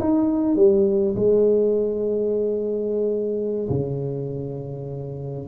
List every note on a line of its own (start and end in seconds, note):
0.00 0.56 D#4
0.56 1.16 G3
1.16 3.69 G#3
3.69 5.48 C#3